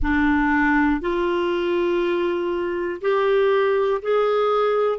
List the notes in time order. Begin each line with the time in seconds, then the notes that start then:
0.02 D4
1.00 F4
3.00 G4
4.02 G#4